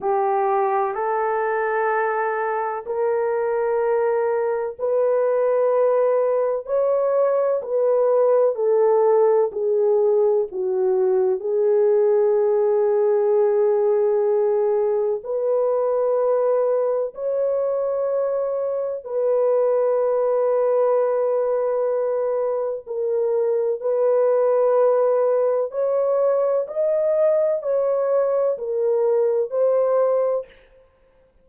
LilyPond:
\new Staff \with { instrumentName = "horn" } { \time 4/4 \tempo 4 = 63 g'4 a'2 ais'4~ | ais'4 b'2 cis''4 | b'4 a'4 gis'4 fis'4 | gis'1 |
b'2 cis''2 | b'1 | ais'4 b'2 cis''4 | dis''4 cis''4 ais'4 c''4 | }